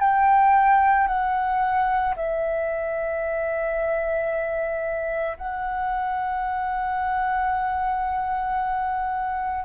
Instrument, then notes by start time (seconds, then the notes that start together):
flute
0.00 G5
1.07 F#5
2.16 E5
5.37 F#5